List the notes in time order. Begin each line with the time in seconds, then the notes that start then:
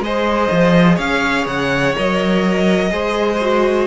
0.00 G#3 G#4 C5 D#5
0.52 F3
0.96 C#4 C#5 F5
1.47 C#3 F#5
1.96 F#3 A#4 D#5
2.91 G#3 G#4 C5
3.42 F#4